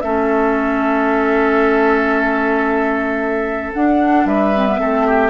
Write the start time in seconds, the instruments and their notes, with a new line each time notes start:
0.00 bassoon A3, clarinet C#4, oboe A4, flute E5
3.73 bassoon D4, clarinet D4, flute F#5
4.25 bassoon G3, oboe B4, flute E5
4.55 clarinet C4
4.67 clarinet B3
4.78 bassoon A3, clarinet C4, oboe A4
5.07 oboe G4